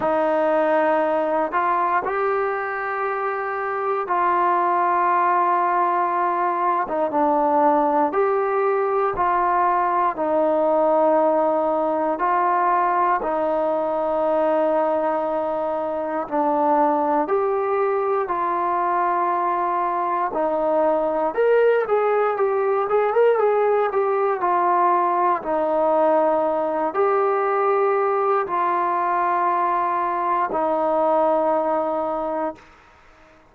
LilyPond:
\new Staff \with { instrumentName = "trombone" } { \time 4/4 \tempo 4 = 59 dis'4. f'8 g'2 | f'2~ f'8. dis'16 d'4 | g'4 f'4 dis'2 | f'4 dis'2. |
d'4 g'4 f'2 | dis'4 ais'8 gis'8 g'8 gis'16 ais'16 gis'8 g'8 | f'4 dis'4. g'4. | f'2 dis'2 | }